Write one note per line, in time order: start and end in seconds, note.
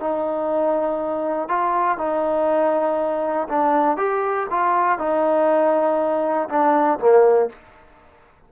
0.00 1.49 D#4
1.49 1.98 F4
1.98 3.48 D#4
3.49 3.97 D4
3.97 4.47 G4
4.51 4.99 F4
4.99 6.49 D#4
6.49 6.99 D4
7.00 7.50 A#3